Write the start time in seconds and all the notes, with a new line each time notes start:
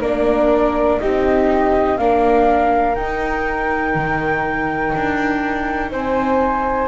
0.00 A#3 D4 A#4 D5
0.99 C4 D#4 G4 D#5
1.97 A#3 D4 A#4 F5
2.95 D#4 G5
3.94 D#3
4.95 D4
5.90 C4 C5 G#5